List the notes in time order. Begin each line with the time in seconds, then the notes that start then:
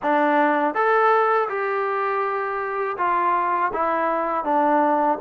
0.02 D4
0.74 A4
1.48 G4
2.97 F4
3.73 E4
4.44 D4